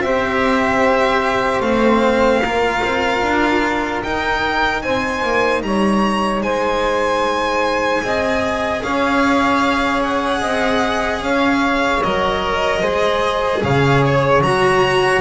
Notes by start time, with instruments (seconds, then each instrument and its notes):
0.00 double bass C4, cello G4, saxophone C5, violin E5
1.60 double bass A3, cello C4, violin F5
2.42 double bass A#3, cello F4, saxophone A#4
2.83 double bass C4
3.21 double bass D4
4.03 double bass D#4, cello D#4, violin G5
4.82 double bass C4, saxophone C5, violin G#5
5.22 double bass A#3
5.62 double bass G3, saxophone C#5, violin A#5
6.40 double bass G#3, saxophone C5, violin G#5
8.01 double bass C4, cello G#4, saxophone D#5
8.82 double bass C#4, saxophone C#5, violin F5
10.03 violin F#5
10.41 double bass C4, saxophone D#5
11.20 double bass C#4, saxophone C#5, violin F5
12.03 double bass F#3, cello A#4, violin D#5
12.80 double bass G#3, cello G#4, saxophone C5
13.62 double bass C#3, saxophone C#5, violin F5
14.06 violin C#5
14.40 double bass F#3, cello F#4, violin A#5